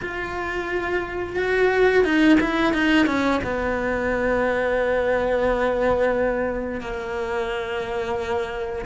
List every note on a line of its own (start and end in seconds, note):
0.01 1.36 F4
1.36 2.04 F#4
2.04 2.38 D#4
2.40 2.73 E4
2.73 3.06 D#4
3.06 3.40 C#4
3.43 6.80 B3
6.80 8.85 A#3